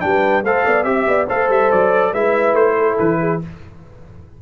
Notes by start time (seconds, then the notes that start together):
0.00 G3 D4 G5
0.06 B4
0.43 A3 A4 C5 F5
0.65 B3 D5
0.83 C4 G4 E5
1.07 B3 D5
1.28 A3 A4 C5 F5
1.49 G3 E5
1.71 F#3 D5
2.12 G#3 E4 B4 E5
2.53 A3 C5
2.77 A4
2.99 E3 B4
3.19 G#4